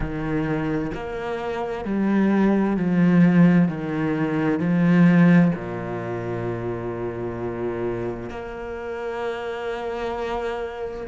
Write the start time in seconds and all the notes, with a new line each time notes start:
0.00 D#3
0.94 A#3
1.85 G3
2.77 F3
3.68 D#3
4.59 F3
5.54 A#2
8.30 A#3